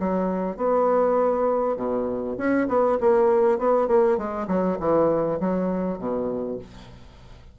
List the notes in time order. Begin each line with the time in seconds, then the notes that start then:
0.00 F#3
0.57 B3
1.76 B2
2.38 C#4
2.68 B3
3.01 A#3
3.59 B3
3.88 A#3
4.18 G#3
4.48 F#3
4.80 E3
5.40 F#3
5.99 B2